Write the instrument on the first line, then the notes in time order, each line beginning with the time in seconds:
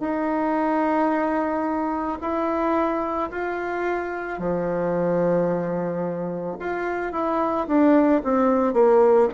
bassoon
0.00 D#4
2.21 E4
3.31 F4
4.39 F3
6.60 F4
7.13 E4
7.68 D4
8.24 C4
8.74 A#3